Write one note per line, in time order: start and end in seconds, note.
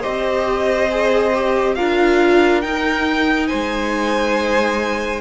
0.00 1.79 C4
0.00 0.89 G4
0.00 1.74 C5
0.00 1.75 D#5
0.90 1.34 G#4
1.34 1.77 G4
1.75 2.64 D4
1.75 2.62 F4
1.75 3.48 A#4
1.75 2.61 F5
2.61 5.21 D#4
2.61 3.51 D#4
2.61 3.47 G5
3.47 5.21 G#3
3.47 5.21 C5
3.47 5.21 G#5